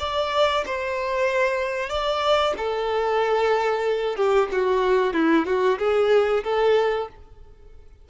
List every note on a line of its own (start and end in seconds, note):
0.00 0.65 D5
0.66 1.90 C5
1.90 2.54 D5
2.57 4.17 A4
4.17 4.49 G4
4.52 5.14 F#4
5.14 5.46 E4
5.46 5.79 F#4
5.79 6.44 G#4
6.44 7.09 A4